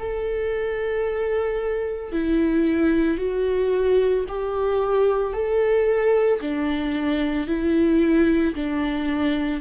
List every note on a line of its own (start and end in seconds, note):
0.00 2.12 A4
2.12 3.18 E4
3.18 4.25 F#4
4.29 5.34 G4
5.34 6.41 A4
6.41 7.48 D4
7.48 8.55 E4
8.55 9.61 D4